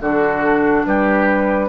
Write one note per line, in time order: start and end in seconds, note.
0.00 0.85 D3
0.00 1.68 D4
0.00 0.85 F#4
0.00 0.85 A4
0.85 1.68 G3
0.85 1.68 G4
0.85 1.68 B4